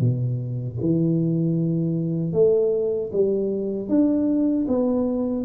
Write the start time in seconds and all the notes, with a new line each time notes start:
0.00 B2
0.81 E3
2.33 A3
3.12 G3
3.89 D4
4.68 B3